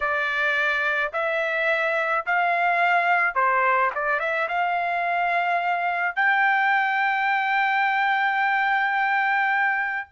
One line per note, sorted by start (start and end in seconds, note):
0.00 1.12 D5
1.12 2.25 E5
2.26 3.34 F5
3.34 3.90 C5
3.94 4.19 D5
4.19 4.47 E5
4.48 6.15 F5
6.15 10.08 G5